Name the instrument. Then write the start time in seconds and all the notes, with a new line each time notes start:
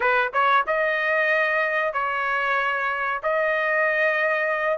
trumpet
0.00 B4
0.33 C#5
0.66 D#5
1.93 C#5
3.22 D#5